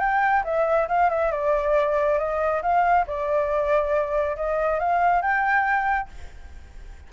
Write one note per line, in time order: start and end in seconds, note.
0.00 0.43 G5
0.44 0.88 E5
0.89 1.10 F5
1.10 1.32 E5
1.32 2.19 D5
2.19 2.62 D#5
2.62 3.06 F5
3.07 4.36 D5
4.36 4.79 D#5
4.79 5.22 F5
5.22 6.09 G5